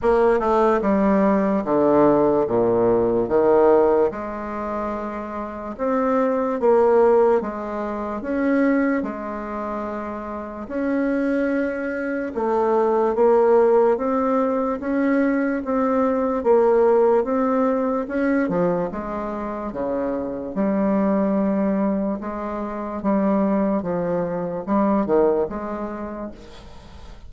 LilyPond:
\new Staff \with { instrumentName = "bassoon" } { \time 4/4 \tempo 4 = 73 ais8 a8 g4 d4 ais,4 | dis4 gis2 c'4 | ais4 gis4 cis'4 gis4~ | gis4 cis'2 a4 |
ais4 c'4 cis'4 c'4 | ais4 c'4 cis'8 f8 gis4 | cis4 g2 gis4 | g4 f4 g8 dis8 gis4 | }